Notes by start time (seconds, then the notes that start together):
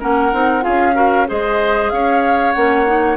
0.00 A#3 C#4 A#4 F#5
0.32 C4 D#4
0.61 C#4 F4 G#4 F5
0.94 F#4 A#4
1.27 G#3 G#4 C5 D#5
1.90 C#4 C#5 F5
2.52 A#3 C#4 F#5
2.87 D#4